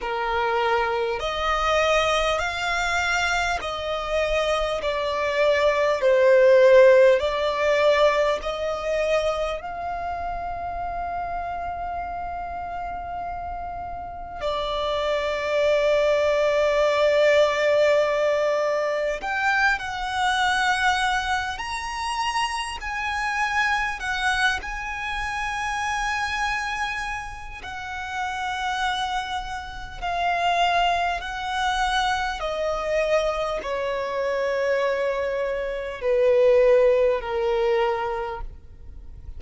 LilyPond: \new Staff \with { instrumentName = "violin" } { \time 4/4 \tempo 4 = 50 ais'4 dis''4 f''4 dis''4 | d''4 c''4 d''4 dis''4 | f''1 | d''1 |
g''8 fis''4. ais''4 gis''4 | fis''8 gis''2~ gis''8 fis''4~ | fis''4 f''4 fis''4 dis''4 | cis''2 b'4 ais'4 | }